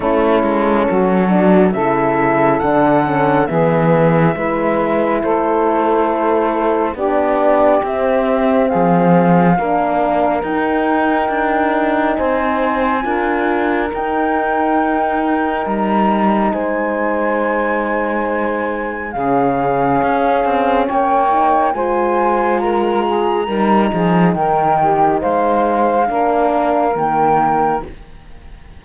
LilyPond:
<<
  \new Staff \with { instrumentName = "flute" } { \time 4/4 \tempo 4 = 69 a'2 e''4 fis''4 | e''2 c''2 | d''4 e''4 f''2 | g''2 gis''2 |
g''2 ais''4 gis''4~ | gis''2 f''2 | g''4 gis''4 ais''2 | g''4 f''2 g''4 | }
  \new Staff \with { instrumentName = "saxophone" } { \time 4/4 e'4 fis'4 a'2 | gis'4 b'4 a'2 | g'2 gis'4 ais'4~ | ais'2 c''4 ais'4~ |
ais'2. c''4~ | c''2 gis'2 | cis''4 c''4 ais'8 gis'8 ais'8 gis'8 | ais'8 g'8 c''4 ais'2 | }
  \new Staff \with { instrumentName = "horn" } { \time 4/4 cis'4. d'8 e'4 d'8 cis'8 | b4 e'2. | d'4 c'2 d'4 | dis'2. f'4 |
dis'1~ | dis'2 cis'2~ | cis'8 dis'8 f'2 dis'4~ | dis'2 d'4 ais4 | }
  \new Staff \with { instrumentName = "cello" } { \time 4/4 a8 gis8 fis4 cis4 d4 | e4 gis4 a2 | b4 c'4 f4 ais4 | dis'4 d'4 c'4 d'4 |
dis'2 g4 gis4~ | gis2 cis4 cis'8 c'8 | ais4 gis2 g8 f8 | dis4 gis4 ais4 dis4 | }
>>